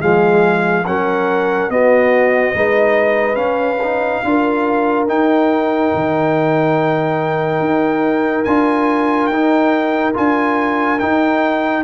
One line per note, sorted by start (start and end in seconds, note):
0.00 0.87 F3
0.00 0.85 G#3
0.00 0.85 G#4
0.00 0.86 F5
0.86 1.70 F#3
0.86 1.71 C#4
0.86 1.73 A#4
0.86 1.71 F#5
1.70 2.54 B3
1.70 2.56 B3
1.70 2.55 F#4
1.70 3.36 D#5
2.54 3.37 G#3
2.54 3.35 D#4
2.54 4.24 B4
3.35 3.77 C#4
3.35 4.21 C#4
3.35 5.05 F5
3.83 4.25 D#4
4.24 5.08 D4
4.24 5.08 F4
4.24 11.84 A#4
5.08 8.46 D#4
5.08 5.93 D#4
5.08 8.45 G5
5.95 7.60 D#3
7.60 8.45 D#4
8.45 9.29 D4
8.45 9.32 F4
8.45 9.27 G#5
9.27 10.14 D#4
9.27 10.12 G5
10.14 11.02 D4
10.14 10.98 F4
10.14 11.00 G#5
11.00 11.84 D#4
11.00 11.84 G5